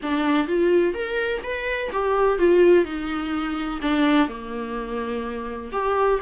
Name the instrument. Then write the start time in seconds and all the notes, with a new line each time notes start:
viola
0.02 D4
0.47 F4
0.94 A#4
1.43 B4
1.92 G4
2.38 F4
2.84 D#4
3.81 D4
4.28 A#3
5.71 G4